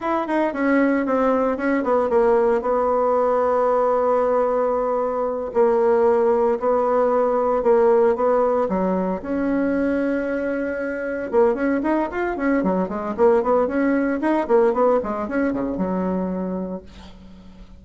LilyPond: \new Staff \with { instrumentName = "bassoon" } { \time 4/4 \tempo 4 = 114 e'8 dis'8 cis'4 c'4 cis'8 b8 | ais4 b2.~ | b2~ b8 ais4.~ | ais8 b2 ais4 b8~ |
b8 fis4 cis'2~ cis'8~ | cis'4. ais8 cis'8 dis'8 f'8 cis'8 | fis8 gis8 ais8 b8 cis'4 dis'8 ais8 | b8 gis8 cis'8 cis8 fis2 | }